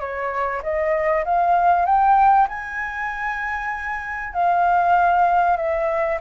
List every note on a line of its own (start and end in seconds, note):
0.00 0.62 C#5
0.63 1.25 D#5
1.25 1.86 F5
1.86 2.48 G5
2.49 4.33 G#5
4.33 5.57 F5
5.57 6.19 E5